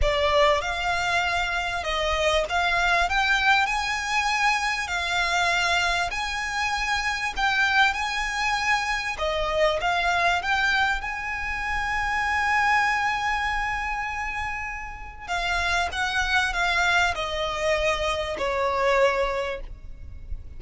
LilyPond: \new Staff \with { instrumentName = "violin" } { \time 4/4 \tempo 4 = 98 d''4 f''2 dis''4 | f''4 g''4 gis''2 | f''2 gis''2 | g''4 gis''2 dis''4 |
f''4 g''4 gis''2~ | gis''1~ | gis''4 f''4 fis''4 f''4 | dis''2 cis''2 | }